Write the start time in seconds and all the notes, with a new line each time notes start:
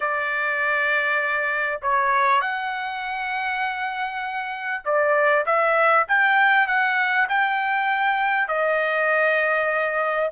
0.00 D5
1.82 C#5
2.41 F#5
4.84 D5
5.45 E5
6.07 G5
6.67 F#5
7.28 G5
8.48 D#5